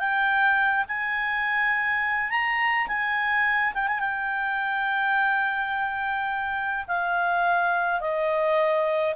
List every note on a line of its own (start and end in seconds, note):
0.00 0.86 G5
0.89 2.31 G#5
2.31 2.88 A#5
2.88 3.74 G#5
3.74 3.88 G5
3.88 4.00 G#5
4.00 6.86 G5
6.88 8.01 F5
8.01 9.15 D#5